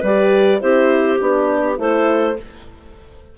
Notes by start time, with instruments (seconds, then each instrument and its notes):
0.00 bassoon G3, horn G4, clarinet B4 D5
0.61 bassoon C4, horn E4, clarinet G4 C5
1.21 bassoon B3, horn D4, clarinet G4
1.77 bassoon A3, horn E4, clarinet A4 C5